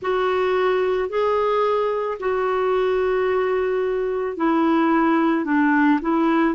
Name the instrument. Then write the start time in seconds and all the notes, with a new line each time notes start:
clarinet
0.01 F#4
1.09 G#4
2.19 F#4
4.36 E4
5.44 D4
6.01 E4